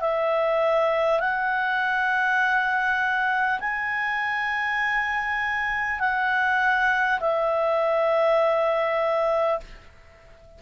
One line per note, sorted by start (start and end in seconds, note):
0.00 1.19 E5
1.19 3.59 F#5
3.59 5.99 G#5
5.99 7.19 F#5
7.19 9.59 E5